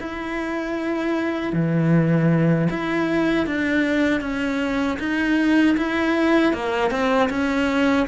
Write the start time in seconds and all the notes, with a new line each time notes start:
0.00 E4
1.53 E3
2.70 E4
3.46 D4
4.21 C#4
4.99 D#4
5.77 E4
6.53 A#3
6.91 C4
7.29 C#4